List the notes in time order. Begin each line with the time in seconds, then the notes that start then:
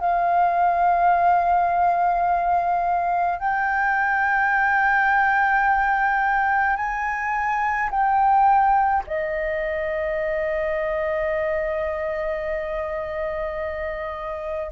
0.00 F5
3.40 G5
6.77 G#5
7.90 G5
9.07 D#5